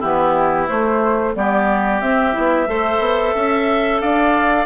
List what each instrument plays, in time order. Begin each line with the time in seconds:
0.00 bassoon E3, clarinet B3, oboe E4, flute G4
0.68 clarinet A3, bassoon A3, flute C5
1.35 bassoon G3, clarinet B3, oboe G4, flute D5
2.01 bassoon C4, clarinet C4, flute E5
2.33 bassoon B3, clarinet E4
2.67 bassoon A3, clarinet A4, oboe C5
2.99 bassoon B3
3.35 bassoon C#4, oboe E5
4.00 bassoon D4, oboe D5, flute F5